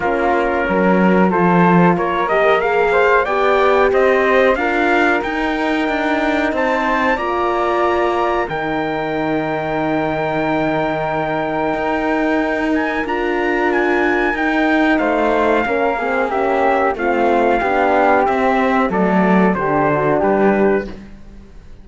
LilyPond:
<<
  \new Staff \with { instrumentName = "trumpet" } { \time 4/4 \tempo 4 = 92 ais'2 c''4 cis''8 dis''8 | f''4 g''4 dis''4 f''4 | g''2 a''4 ais''4~ | ais''4 g''2.~ |
g''2.~ g''8 gis''8 | ais''4 gis''4 g''4 f''4~ | f''4 e''4 f''2 | e''4 d''4 c''4 b'4 | }
  \new Staff \with { instrumentName = "flute" } { \time 4/4 f'4 ais'4 a'4 ais'4~ | ais'8 c''8 d''4 c''4 ais'4~ | ais'2 c''4 d''4~ | d''4 ais'2.~ |
ais'1~ | ais'2. c''4 | ais'8 gis'8 g'4 f'4 g'4~ | g'4 a'4 g'8 fis'8 g'4 | }
  \new Staff \with { instrumentName = "horn" } { \time 4/4 cis'2 f'4. g'8 | gis'4 g'2 f'4 | dis'2. f'4~ | f'4 dis'2.~ |
dis'1 | f'2 dis'2 | cis'8 c'8 cis'4 c'4 d'4 | c'4 a4 d'2 | }
  \new Staff \with { instrumentName = "cello" } { \time 4/4 ais4 fis4 f4 ais4~ | ais4 b4 c'4 d'4 | dis'4 d'4 c'4 ais4~ | ais4 dis2.~ |
dis2 dis'2 | d'2 dis'4 a4 | ais2 a4 b4 | c'4 fis4 d4 g4 | }
>>